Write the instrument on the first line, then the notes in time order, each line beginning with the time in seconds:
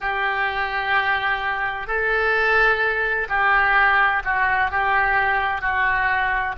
oboe
0.00 G4
1.87 A4
3.29 G4
4.24 F#4
4.70 G4
5.61 F#4